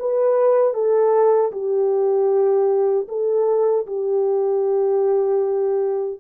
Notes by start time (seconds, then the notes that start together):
0.00 B4
0.74 A4
1.52 G4
3.09 A4
3.87 G4